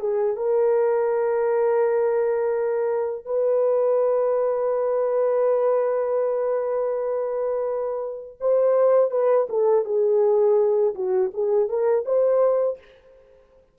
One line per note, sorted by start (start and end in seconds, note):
0.00 0.37 G#4
0.37 3.25 A#4
3.25 8.37 B4
8.40 9.11 C5
9.11 9.47 B4
9.49 9.85 A4
9.85 10.95 G#4
10.95 11.31 F#4
11.33 11.69 G#4
11.69 12.05 A#4
12.05 12.78 C5